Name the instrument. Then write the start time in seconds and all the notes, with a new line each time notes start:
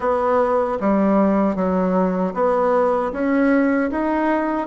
bassoon
0.00 B3
0.80 G3
1.55 F#3
2.34 B3
3.12 C#4
3.90 D#4